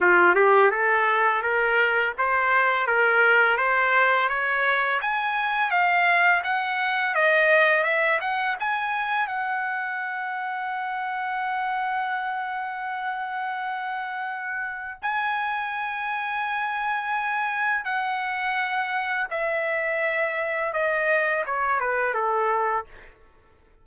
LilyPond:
\new Staff \with { instrumentName = "trumpet" } { \time 4/4 \tempo 4 = 84 f'8 g'8 a'4 ais'4 c''4 | ais'4 c''4 cis''4 gis''4 | f''4 fis''4 dis''4 e''8 fis''8 | gis''4 fis''2.~ |
fis''1~ | fis''4 gis''2.~ | gis''4 fis''2 e''4~ | e''4 dis''4 cis''8 b'8 a'4 | }